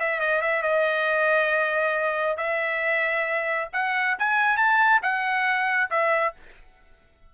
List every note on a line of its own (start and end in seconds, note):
0.00 0.20 E5
0.20 0.42 D#5
0.42 0.63 E5
0.63 2.37 D#5
2.37 3.69 E5
3.73 4.17 F#5
4.19 4.57 G#5
4.57 5.01 A5
5.03 5.90 F#5
5.90 6.34 E5